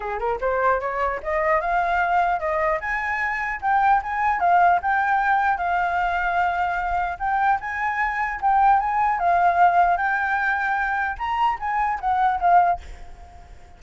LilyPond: \new Staff \with { instrumentName = "flute" } { \time 4/4 \tempo 4 = 150 gis'8 ais'8 c''4 cis''4 dis''4 | f''2 dis''4 gis''4~ | gis''4 g''4 gis''4 f''4 | g''2 f''2~ |
f''2 g''4 gis''4~ | gis''4 g''4 gis''4 f''4~ | f''4 g''2. | ais''4 gis''4 fis''4 f''4 | }